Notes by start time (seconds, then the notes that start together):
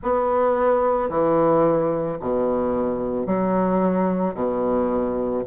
0.02 B3
1.09 E3
2.20 B2
3.26 F#3
4.34 B2